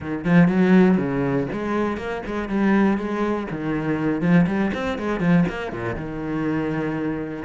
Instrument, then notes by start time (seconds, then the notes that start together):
cello
0.00 D#3
0.24 F3
0.48 F#3
0.97 C#3
1.52 G#3
1.97 A#3
2.26 G#3
2.48 G3
2.97 G#3
3.50 D#3
4.21 F3
4.46 G3
4.74 C4
4.98 G#3
5.20 F3
5.48 A#3
5.72 A#2
5.95 D#3